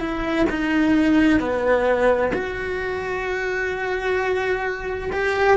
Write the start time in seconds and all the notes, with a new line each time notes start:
0.00 E4
0.50 D#4
1.40 B3
2.34 F#4
5.12 G4